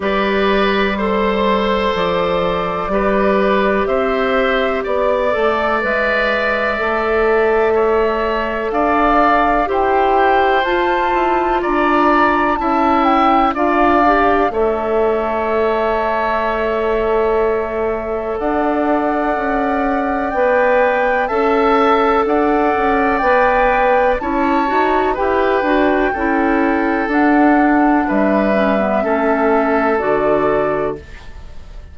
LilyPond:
<<
  \new Staff \with { instrumentName = "flute" } { \time 4/4 \tempo 4 = 62 d''4 c''4 d''2 | e''4 d''4 e''2~ | e''4 f''4 g''4 a''4 | ais''4 a''8 g''8 f''4 e''4~ |
e''2. fis''4~ | fis''4 g''4 a''4 fis''4 | g''4 a''4 g''2 | fis''4 e''2 d''4 | }
  \new Staff \with { instrumentName = "oboe" } { \time 4/4 b'4 c''2 b'4 | c''4 d''2. | cis''4 d''4 c''2 | d''4 e''4 d''4 cis''4~ |
cis''2. d''4~ | d''2 e''4 d''4~ | d''4 cis''4 b'4 a'4~ | a'4 b'4 a'2 | }
  \new Staff \with { instrumentName = "clarinet" } { \time 4/4 g'4 a'2 g'4~ | g'4. a'8 b'4 a'4~ | a'2 g'4 f'4~ | f'4 e'4 f'8 g'8 a'4~ |
a'1~ | a'4 b'4 a'2 | b'4 e'8 fis'8 g'8 fis'8 e'4 | d'4. cis'16 b16 cis'4 fis'4 | }
  \new Staff \with { instrumentName = "bassoon" } { \time 4/4 g2 f4 g4 | c'4 b8 a8 gis4 a4~ | a4 d'4 e'4 f'8 e'8 | d'4 cis'4 d'4 a4~ |
a2. d'4 | cis'4 b4 cis'4 d'8 cis'8 | b4 cis'8 dis'8 e'8 d'8 cis'4 | d'4 g4 a4 d4 | }
>>